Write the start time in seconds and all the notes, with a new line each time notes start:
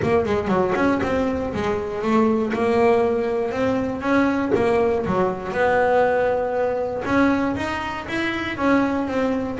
0.02 A#3
0.25 G#3
0.48 F#3
0.75 C#4
1.02 C4
1.53 G#3
2.01 A3
2.53 A#3
3.51 C4
4.01 C#4
4.55 A#3
5.06 F#3
5.51 B3
7.05 C#4
7.56 D#4
8.08 E4
8.57 C#4
9.07 C4